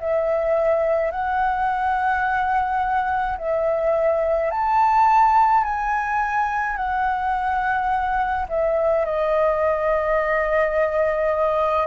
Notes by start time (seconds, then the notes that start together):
0.00 E5
1.11 F#5
3.38 E5
4.51 A5
5.64 G#5
6.77 F#5
8.49 E5
9.06 D#5